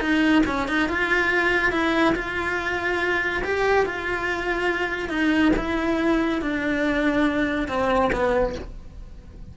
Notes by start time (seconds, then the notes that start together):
0.00 D#4
0.47 C#4
0.68 D#4
0.89 F4
1.72 E4
2.15 F4
3.44 G4
3.85 F4
5.09 D#4
5.56 E4
6.42 D4
7.68 C4
8.12 B3